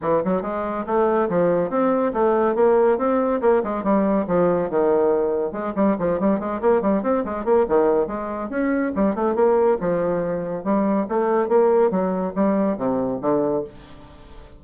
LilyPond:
\new Staff \with { instrumentName = "bassoon" } { \time 4/4 \tempo 4 = 141 e8 fis8 gis4 a4 f4 | c'4 a4 ais4 c'4 | ais8 gis8 g4 f4 dis4~ | dis4 gis8 g8 f8 g8 gis8 ais8 |
g8 c'8 gis8 ais8 dis4 gis4 | cis'4 g8 a8 ais4 f4~ | f4 g4 a4 ais4 | fis4 g4 c4 d4 | }